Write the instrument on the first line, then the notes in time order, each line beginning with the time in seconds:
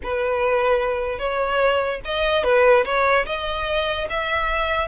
violin
0.03 B4
1.19 C#5
2.04 D#5
2.43 B4
2.84 C#5
3.26 D#5
4.09 E5